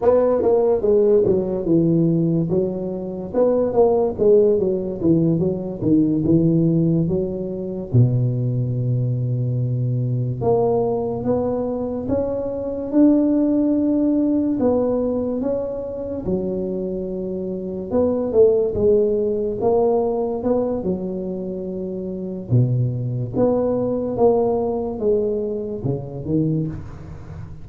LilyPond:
\new Staff \with { instrumentName = "tuba" } { \time 4/4 \tempo 4 = 72 b8 ais8 gis8 fis8 e4 fis4 | b8 ais8 gis8 fis8 e8 fis8 dis8 e8~ | e8 fis4 b,2~ b,8~ | b,8 ais4 b4 cis'4 d'8~ |
d'4. b4 cis'4 fis8~ | fis4. b8 a8 gis4 ais8~ | ais8 b8 fis2 b,4 | b4 ais4 gis4 cis8 dis8 | }